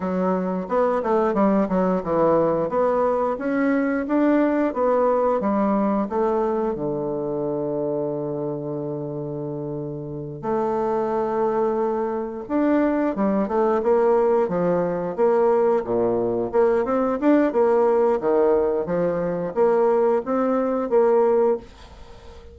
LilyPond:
\new Staff \with { instrumentName = "bassoon" } { \time 4/4 \tempo 4 = 89 fis4 b8 a8 g8 fis8 e4 | b4 cis'4 d'4 b4 | g4 a4 d2~ | d2.~ d8 a8~ |
a2~ a8 d'4 g8 | a8 ais4 f4 ais4 ais,8~ | ais,8 ais8 c'8 d'8 ais4 dis4 | f4 ais4 c'4 ais4 | }